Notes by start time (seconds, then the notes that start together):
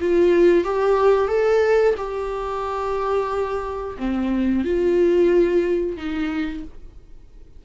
0.00 F4
0.64 G4
1.28 A4
1.97 G4
3.98 C4
4.64 F4
5.96 D#4